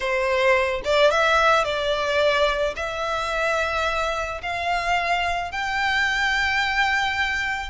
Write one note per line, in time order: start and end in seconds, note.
0.00 0.81 C5
0.84 1.10 D5
1.10 1.64 E5
1.64 2.74 D5
2.76 4.41 E5
4.42 5.51 F5
5.51 7.69 G5